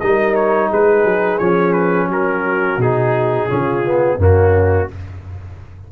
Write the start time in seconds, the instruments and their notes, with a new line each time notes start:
0.00 tuba G3, trombone D#4, horn A#4, trumpet D#5
0.35 trumpet C#5
0.68 tuba G#3, horn G#4, trumpet B4
1.04 tuba F#3
1.38 tuba F3, trombone C#4, trumpet C#5
1.73 trumpet B4
2.09 tuba F#3, horn F#4, trumpet A#4
2.77 tuba B2, trombone D#4, trumpet G#4
3.48 tuba C#3, trombone C#4, horn F4
3.85 trombone B3
4.17 tuba F#2, trombone A#3, horn C#4, trumpet F#4